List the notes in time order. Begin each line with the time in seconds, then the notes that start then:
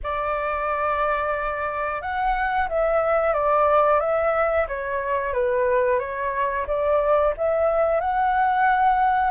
0.03 D5
2.01 F#5
2.68 E5
3.33 D5
4.00 E5
4.68 C#5
5.33 B4
5.99 C#5
6.67 D5
7.37 E5
8.00 F#5